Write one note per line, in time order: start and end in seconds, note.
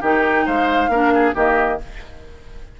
0.00 0.45 D#3
0.00 0.92 D#4
0.00 0.44 G4
0.00 0.47 G5
0.45 0.88 G#3
0.45 0.90 C5
0.45 1.35 F5
0.88 1.32 A#3
0.88 1.35 D4
0.88 1.13 A#4
1.14 1.34 G#4
1.34 1.79 D#3
1.34 1.79 A#3
1.34 1.78 G4
1.34 1.80 D#5